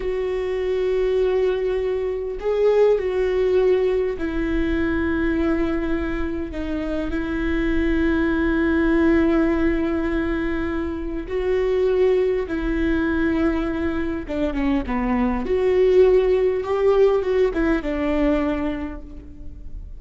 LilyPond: \new Staff \with { instrumentName = "viola" } { \time 4/4 \tempo 4 = 101 fis'1 | gis'4 fis'2 e'4~ | e'2. dis'4 | e'1~ |
e'2. fis'4~ | fis'4 e'2. | d'8 cis'8 b4 fis'2 | g'4 fis'8 e'8 d'2 | }